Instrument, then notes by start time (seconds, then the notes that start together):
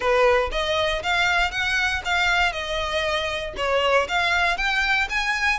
violin
0.00 B4
0.51 D#5
1.02 F5
1.51 F#5
2.04 F5
2.52 D#5
3.56 C#5
4.08 F5
4.57 G5
5.09 G#5